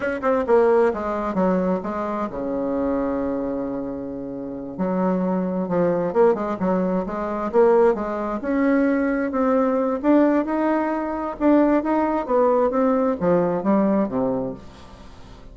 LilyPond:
\new Staff \with { instrumentName = "bassoon" } { \time 4/4 \tempo 4 = 132 cis'8 c'8 ais4 gis4 fis4 | gis4 cis2.~ | cis2~ cis8 fis4.~ | fis8 f4 ais8 gis8 fis4 gis8~ |
gis8 ais4 gis4 cis'4.~ | cis'8 c'4. d'4 dis'4~ | dis'4 d'4 dis'4 b4 | c'4 f4 g4 c4 | }